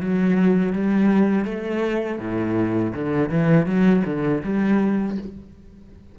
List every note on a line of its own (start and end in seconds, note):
0.00 0.73 F#3
0.73 1.44 G3
1.44 2.19 A3
2.19 2.93 A2
2.94 3.29 D3
3.29 3.66 E3
3.66 4.03 F#3
4.05 4.42 D3
4.43 5.18 G3